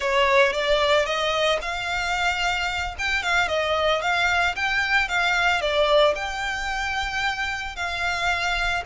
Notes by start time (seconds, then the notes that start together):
0.00 C#5
0.52 D5
1.05 D#5
1.61 F5
2.98 G5
3.22 F5
3.48 D#5
4.01 F5
4.55 G5
5.08 F5
5.61 D5
6.15 G5
7.76 F5